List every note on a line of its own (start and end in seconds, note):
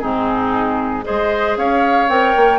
0.00 1.07 G#2
0.00 1.04 C4
0.00 1.05 D#4
0.00 1.03 G#4
1.04 1.57 G#3
1.04 2.08 G#4
1.04 1.58 C5
1.04 1.57 D#5
1.57 2.09 C#4
1.57 2.59 C#5
1.57 2.09 F5
2.09 2.35 C4
2.09 2.59 A#4
2.09 2.59 G5
2.36 2.59 A#3